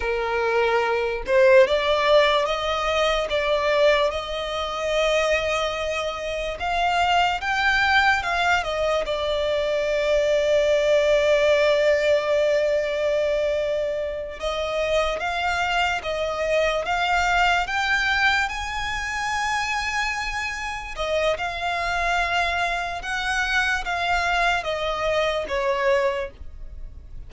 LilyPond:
\new Staff \with { instrumentName = "violin" } { \time 4/4 \tempo 4 = 73 ais'4. c''8 d''4 dis''4 | d''4 dis''2. | f''4 g''4 f''8 dis''8 d''4~ | d''1~ |
d''4. dis''4 f''4 dis''8~ | dis''8 f''4 g''4 gis''4.~ | gis''4. dis''8 f''2 | fis''4 f''4 dis''4 cis''4 | }